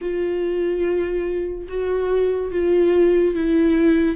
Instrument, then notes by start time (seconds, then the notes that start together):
viola
0.01 F4
1.68 F#4
2.51 F4
3.34 E4